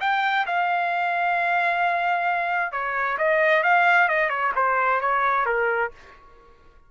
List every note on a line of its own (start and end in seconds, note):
0.00 0.45 G5
0.46 2.71 F5
2.71 3.17 C#5
3.17 3.63 D#5
3.63 4.08 F5
4.08 4.29 D#5
4.29 4.52 C#5
4.55 5.01 C5
5.01 5.45 C#5
5.45 5.91 A#4